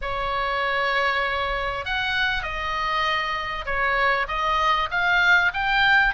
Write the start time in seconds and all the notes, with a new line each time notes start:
0.01 C#5
1.85 F#5
2.42 D#5
3.65 C#5
4.27 D#5
4.91 F5
5.53 G5